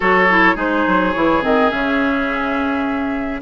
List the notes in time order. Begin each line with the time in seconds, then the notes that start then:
0.00 F#3 F#4 A4 C#5
0.30 E4
0.55 G#3 D#4 G#4 C5
0.87 F#3
1.13 E3 E4 C#5
1.42 D#3 C4 D#5
1.70 C#3 C#4 E5